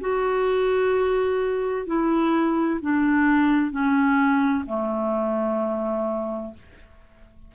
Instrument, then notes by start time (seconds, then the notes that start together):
clarinet
0.00 F#4
1.86 E4
2.81 D4
3.71 C#4
4.66 A3